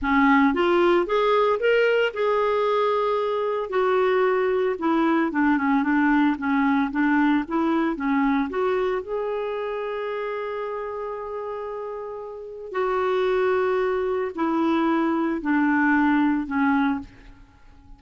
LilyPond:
\new Staff \with { instrumentName = "clarinet" } { \time 4/4 \tempo 4 = 113 cis'4 f'4 gis'4 ais'4 | gis'2. fis'4~ | fis'4 e'4 d'8 cis'8 d'4 | cis'4 d'4 e'4 cis'4 |
fis'4 gis'2.~ | gis'1 | fis'2. e'4~ | e'4 d'2 cis'4 | }